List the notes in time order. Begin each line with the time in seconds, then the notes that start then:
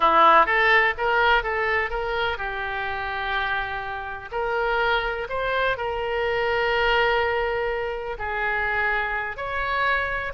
0.00 E4
0.46 A4
0.97 A#4
1.43 A4
1.90 A#4
2.37 G4
4.31 A#4
5.29 C5
5.77 A#4
8.18 G#4
9.36 C#5